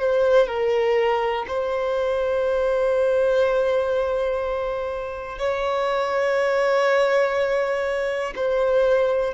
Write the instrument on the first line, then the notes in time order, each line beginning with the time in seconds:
violin
0.00 C5
0.47 A#4
1.48 C5
5.38 C#5
8.36 C5